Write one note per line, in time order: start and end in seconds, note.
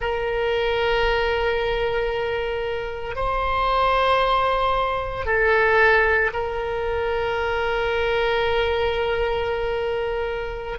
0.00 3.15 A#4
3.15 5.25 C5
5.25 6.31 A4
6.33 10.78 A#4